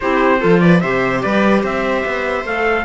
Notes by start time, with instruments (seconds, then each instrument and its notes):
0.00 cello C4, clarinet E4, viola G4, trumpet C5
0.39 cello F3, clarinet F4, viola A4
0.60 viola B4, trumpet D5
0.80 cello C3, clarinet G4, viola C5, trumpet E5
1.22 cello G3, viola B4, trumpet D5
1.62 cello C4, viola C5, trumpet E5
2.05 cello B3
2.44 cello A3, clarinet A4, trumpet F5